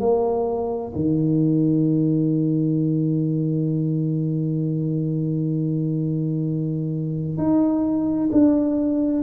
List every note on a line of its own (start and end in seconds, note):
0.00 0.92 A#3
0.95 7.37 D#3
7.37 8.30 D#4
8.32 9.23 D4